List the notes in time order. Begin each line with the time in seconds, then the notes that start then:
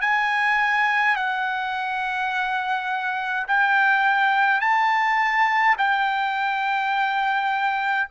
0.00 G#5
1.15 F#5
3.47 G5
4.60 A5
5.77 G5